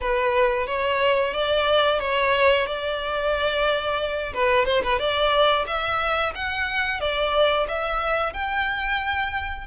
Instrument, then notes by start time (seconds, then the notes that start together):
violin
0.00 B4
0.66 C#5
1.33 D5
1.99 C#5
2.66 D5
4.33 B4
4.65 C5
4.83 B4
4.98 D5
5.66 E5
6.34 F#5
7.00 D5
7.68 E5
8.33 G5